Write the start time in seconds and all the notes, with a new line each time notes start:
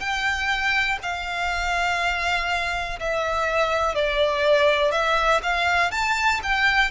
0.00 G5
1.02 F5
3.00 E5
3.94 D5
4.92 E5
5.43 F5
5.91 A5
6.43 G5